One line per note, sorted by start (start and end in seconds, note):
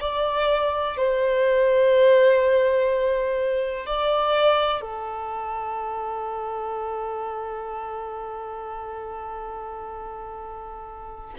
0.00 0.97 D5
0.97 3.86 C5
3.86 4.81 D5
4.81 11.34 A4